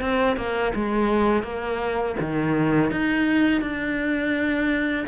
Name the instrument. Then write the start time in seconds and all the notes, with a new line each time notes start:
cello
0.00 C4
0.36 A#3
0.75 G#3
1.43 A#3
2.19 D#3
2.90 D#4
3.61 D4